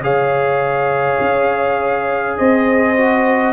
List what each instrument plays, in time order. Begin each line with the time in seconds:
0.00 tuba C#3, trombone G#4, horn C#5, trumpet F5
1.20 tuba C#4
2.37 tuba C4, horn C5, trumpet D#5
2.96 trombone F#4